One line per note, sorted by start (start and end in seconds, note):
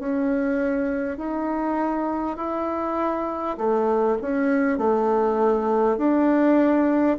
0.00 1.18 C#4
1.18 2.37 D#4
2.37 3.57 E4
3.58 4.18 A3
4.22 4.78 C#4
4.78 5.98 A3
5.98 7.18 D4